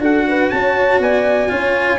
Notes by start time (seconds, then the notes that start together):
0.00 D4 F#4 A4 F#5
0.28 B4
0.50 C#4 C#5 A5
1.00 B3 D5 G#5
1.49 C#4 F4 C#5